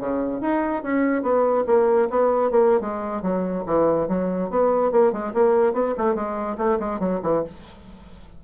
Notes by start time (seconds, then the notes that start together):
0.00 C#3
0.41 D#4
0.83 C#4
1.23 B3
1.67 A#3
2.10 B3
2.51 A#3
2.81 G#3
3.23 F#3
3.66 E3
4.08 F#3
4.50 B3
4.92 A#3
5.13 G#3
5.34 A#3
5.74 B3
5.98 A3
6.15 G#3
6.58 A3
6.80 G#3
7.00 F#3
7.23 E3